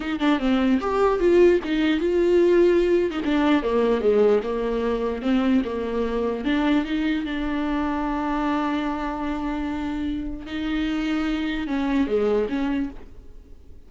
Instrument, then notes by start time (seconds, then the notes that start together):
viola
0.00 D#4
0.19 D4
0.39 C4
0.80 G4
1.19 F4
1.64 D#4
2.00 F4
3.10 D#4
3.25 D4
3.63 A#3
4.01 G#3
4.43 A#3
5.21 C4
5.64 A#3
6.44 D4
6.85 D#4
7.25 D4
10.46 D#4
11.67 C#4
12.07 G#3
12.49 C#4